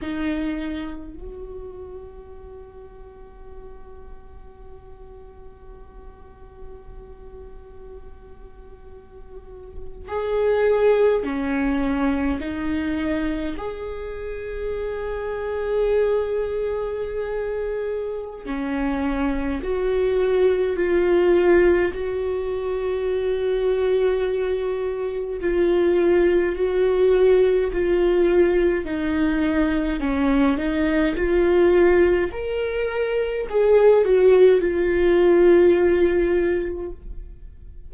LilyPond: \new Staff \with { instrumentName = "viola" } { \time 4/4 \tempo 4 = 52 dis'4 fis'2.~ | fis'1~ | fis'8. gis'4 cis'4 dis'4 gis'16~ | gis'1 |
cis'4 fis'4 f'4 fis'4~ | fis'2 f'4 fis'4 | f'4 dis'4 cis'8 dis'8 f'4 | ais'4 gis'8 fis'8 f'2 | }